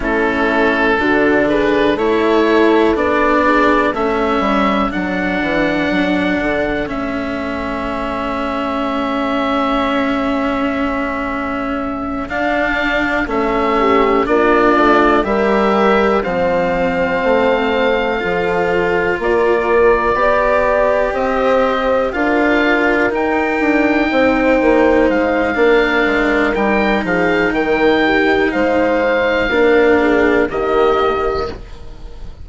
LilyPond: <<
  \new Staff \with { instrumentName = "oboe" } { \time 4/4 \tempo 4 = 61 a'4. b'8 cis''4 d''4 | e''4 fis''2 e''4~ | e''1~ | e''8 f''4 e''4 d''4 e''8~ |
e''8 f''2. d''8~ | d''4. dis''4 f''4 g''8~ | g''4. f''4. g''8 f''8 | g''4 f''2 dis''4 | }
  \new Staff \with { instrumentName = "horn" } { \time 4/4 e'4 fis'8 gis'8 a'4. gis'8 | a'1~ | a'1~ | a'2 g'8 f'4 ais'8~ |
ais'8 c''2 a'4 ais'8~ | ais'8 d''4 c''4 ais'4.~ | ais'8 c''4. ais'4. gis'8 | ais'8 g'8 c''4 ais'8 gis'8 g'4 | }
  \new Staff \with { instrumentName = "cello" } { \time 4/4 cis'4 d'4 e'4 d'4 | cis'4 d'2 cis'4~ | cis'1~ | cis'8 d'4 cis'4 d'4 g'8~ |
g'8 c'2 f'4.~ | f'8 g'2 f'4 dis'8~ | dis'2 d'4 dis'4~ | dis'2 d'4 ais4 | }
  \new Staff \with { instrumentName = "bassoon" } { \time 4/4 a4 d4 a4 b4 | a8 g8 fis8 e8 fis8 d8 a4~ | a1~ | a8 d'4 a4 ais8 a8 g8~ |
g8 f4 a4 f4 ais8~ | ais8 b4 c'4 d'4 dis'8 | d'8 c'8 ais8 gis8 ais8 gis8 g8 f8 | dis4 gis4 ais4 dis4 | }
>>